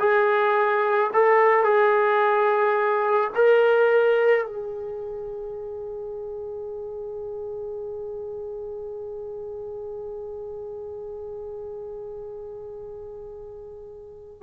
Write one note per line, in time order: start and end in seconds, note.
0.00 1.11 G#4
1.14 1.65 A4
1.65 3.31 G#4
3.35 4.46 A#4
4.46 14.43 G#4